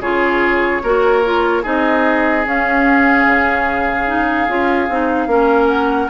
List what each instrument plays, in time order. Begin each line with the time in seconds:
0.00 bassoon C#3, clarinet F4, oboe G#4, flute C#5
0.83 bassoon A#3, clarinet F#4, oboe A#4
1.24 clarinet F4
1.63 bassoon C4, clarinet D#4, oboe G#4, flute D#5
2.45 bassoon C#4, clarinet C#4, flute F5
3.26 bassoon C#3
4.06 clarinet D#4
4.48 bassoon C#4, clarinet F4
4.89 bassoon C4, clarinet D#4
5.27 bassoon A#3, clarinet C#4, oboe A#4
5.68 flute F#5